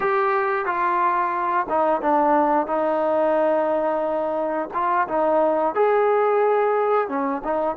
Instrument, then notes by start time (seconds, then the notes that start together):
trombone
0.00 G4
0.65 F4
1.69 D#4
2.01 D4
2.66 D#4
4.73 F4
5.07 D#4
5.74 G#4
7.08 C#4
7.43 D#4